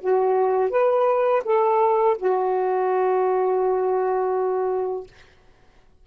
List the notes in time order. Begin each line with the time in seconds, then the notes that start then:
0.00 F#4
0.70 B4
1.44 A4
2.17 F#4